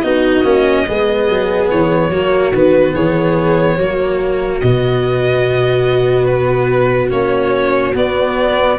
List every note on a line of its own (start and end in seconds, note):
0.00 0.43 B3
0.00 0.44 D#4
0.00 0.86 F#4
0.00 1.67 D#5
0.43 0.84 A#3
0.43 0.86 C#4
0.88 1.29 G#3
0.88 2.11 B3
0.88 2.10 G#4
1.29 1.71 F#3
1.70 2.09 E3
1.70 2.54 C#5
2.09 2.51 F#3
2.09 2.53 A#3
2.09 2.93 F#4
2.52 2.94 D#3
2.52 3.79 B3
2.52 2.95 B4
2.94 3.78 E3
2.94 3.77 G#4
2.94 4.60 C#5
3.77 4.61 F#3
3.77 4.62 A#3
3.77 8.77 F#4
4.60 7.11 B2
4.60 7.10 B3
4.60 6.25 D#5
6.25 7.08 B4
7.10 7.94 A#3
7.10 7.93 C#4
7.10 7.95 C#5
7.94 8.77 B3
7.94 8.78 B3
7.94 8.78 D5